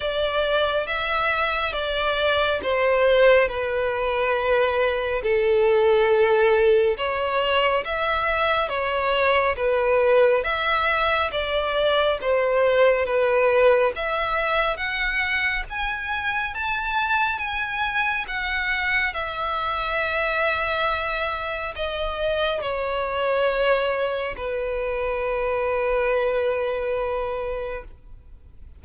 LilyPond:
\new Staff \with { instrumentName = "violin" } { \time 4/4 \tempo 4 = 69 d''4 e''4 d''4 c''4 | b'2 a'2 | cis''4 e''4 cis''4 b'4 | e''4 d''4 c''4 b'4 |
e''4 fis''4 gis''4 a''4 | gis''4 fis''4 e''2~ | e''4 dis''4 cis''2 | b'1 | }